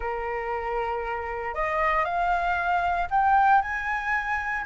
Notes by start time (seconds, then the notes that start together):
0.00 A#4
1.54 D#5
2.04 F5
3.10 G5
3.61 G#5